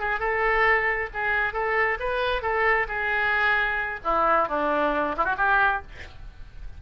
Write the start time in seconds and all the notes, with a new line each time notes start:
0.00 G#4
0.20 A4
1.14 G#4
1.54 A4
2.00 B4
2.42 A4
2.88 G#4
4.04 E4
4.49 D4
5.17 E4
5.25 F#4
5.38 G4